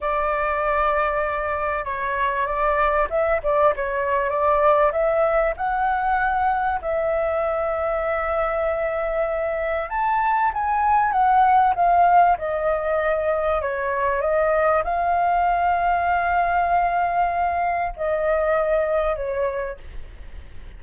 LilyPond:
\new Staff \with { instrumentName = "flute" } { \time 4/4 \tempo 4 = 97 d''2. cis''4 | d''4 e''8 d''8 cis''4 d''4 | e''4 fis''2 e''4~ | e''1 |
a''4 gis''4 fis''4 f''4 | dis''2 cis''4 dis''4 | f''1~ | f''4 dis''2 cis''4 | }